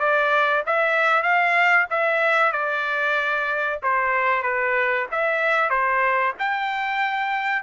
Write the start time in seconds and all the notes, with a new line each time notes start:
0.00 D5
0.67 E5
1.23 F5
1.91 E5
2.52 D5
3.83 C5
4.43 B4
5.12 E5
5.70 C5
6.39 G5